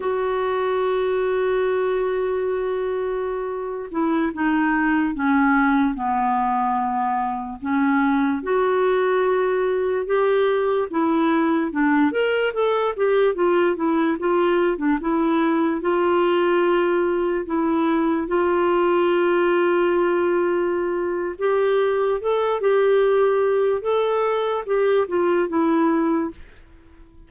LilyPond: \new Staff \with { instrumentName = "clarinet" } { \time 4/4 \tempo 4 = 73 fis'1~ | fis'8. e'8 dis'4 cis'4 b8.~ | b4~ b16 cis'4 fis'4.~ fis'16~ | fis'16 g'4 e'4 d'8 ais'8 a'8 g'16~ |
g'16 f'8 e'8 f'8. d'16 e'4 f'8.~ | f'4~ f'16 e'4 f'4.~ f'16~ | f'2 g'4 a'8 g'8~ | g'4 a'4 g'8 f'8 e'4 | }